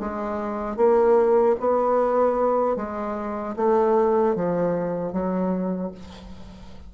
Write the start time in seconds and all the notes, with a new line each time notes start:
0.00 G#3
0.77 A#3
1.60 B3
2.77 G#3
3.57 A3
4.36 F3
5.13 F#3